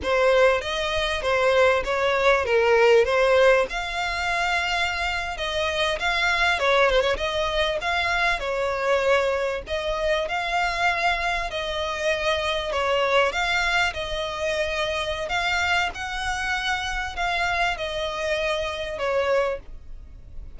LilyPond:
\new Staff \with { instrumentName = "violin" } { \time 4/4 \tempo 4 = 98 c''4 dis''4 c''4 cis''4 | ais'4 c''4 f''2~ | f''8. dis''4 f''4 cis''8 c''16 cis''16 dis''16~ | dis''8. f''4 cis''2 dis''16~ |
dis''8. f''2 dis''4~ dis''16~ | dis''8. cis''4 f''4 dis''4~ dis''16~ | dis''4 f''4 fis''2 | f''4 dis''2 cis''4 | }